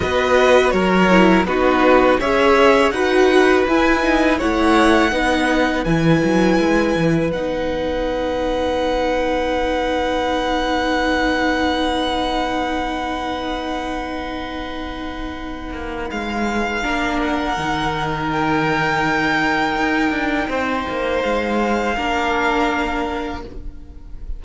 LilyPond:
<<
  \new Staff \with { instrumentName = "violin" } { \time 4/4 \tempo 4 = 82 dis''4 cis''4 b'4 e''4 | fis''4 gis''4 fis''2 | gis''2 fis''2~ | fis''1~ |
fis''1~ | fis''2 f''4. fis''8~ | fis''4 g''2.~ | g''4 f''2. | }
  \new Staff \with { instrumentName = "violin" } { \time 4/4 b'4 ais'4 fis'4 cis''4 | b'2 cis''4 b'4~ | b'1~ | b'1~ |
b'1~ | b'2. ais'4~ | ais'1 | c''2 ais'2 | }
  \new Staff \with { instrumentName = "viola" } { \time 4/4 fis'4. e'8 dis'4 gis'4 | fis'4 e'8 dis'8 e'4 dis'4 | e'2 dis'2~ | dis'1~ |
dis'1~ | dis'2. d'4 | dis'1~ | dis'2 d'2 | }
  \new Staff \with { instrumentName = "cello" } { \time 4/4 b4 fis4 b4 cis'4 | dis'4 e'4 a4 b4 | e8 fis8 gis8 e8 b2~ | b1~ |
b1~ | b4. ais8 gis4 ais4 | dis2. dis'8 d'8 | c'8 ais8 gis4 ais2 | }
>>